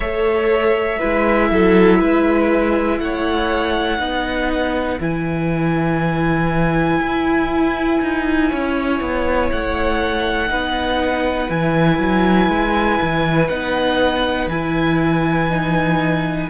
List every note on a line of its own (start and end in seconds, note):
0.00 0.97 A3
0.00 0.99 A4
0.00 0.98 C#5
0.00 2.99 E5
0.98 1.51 G#3
0.98 3.98 E4
0.98 1.48 B4
1.51 2.00 F#3
1.51 1.99 A4
1.99 2.99 G#3
1.99 2.99 B4
2.99 3.99 A3
2.99 4.00 C#5
2.99 4.99 F#5
3.98 4.99 B3
3.98 4.98 D#4
3.98 8.49 B4
4.99 6.99 E3
4.99 10.47 E4
4.99 9.51 G#5
7.00 8.00 E4
8.01 8.51 D#4
8.49 9.00 C#4
8.49 10.49 C#5
9.00 9.50 B3
9.51 10.50 A3
9.51 11.50 F#5
10.47 11.49 B3
10.47 11.47 D#4
10.47 16.49 B4
11.49 11.99 E3
11.49 13.49 E4
11.49 13.48 G#5
11.99 12.48 F#3
12.48 12.98 G#3
13.01 13.49 E3
13.48 14.46 B3
13.48 14.50 D#4
13.48 14.48 F#5
14.46 16.46 E3
14.46 15.49 E4
14.46 16.49 G#5
15.49 16.49 D#4